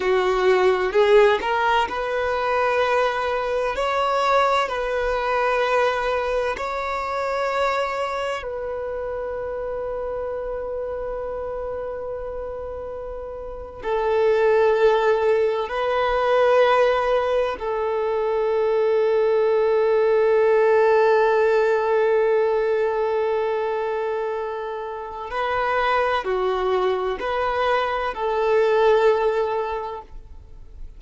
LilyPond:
\new Staff \with { instrumentName = "violin" } { \time 4/4 \tempo 4 = 64 fis'4 gis'8 ais'8 b'2 | cis''4 b'2 cis''4~ | cis''4 b'2.~ | b'2~ b'8. a'4~ a'16~ |
a'8. b'2 a'4~ a'16~ | a'1~ | a'2. b'4 | fis'4 b'4 a'2 | }